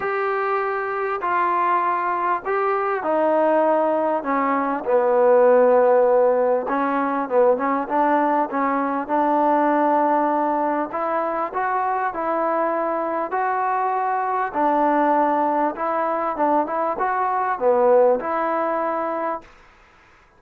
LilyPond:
\new Staff \with { instrumentName = "trombone" } { \time 4/4 \tempo 4 = 99 g'2 f'2 | g'4 dis'2 cis'4 | b2. cis'4 | b8 cis'8 d'4 cis'4 d'4~ |
d'2 e'4 fis'4 | e'2 fis'2 | d'2 e'4 d'8 e'8 | fis'4 b4 e'2 | }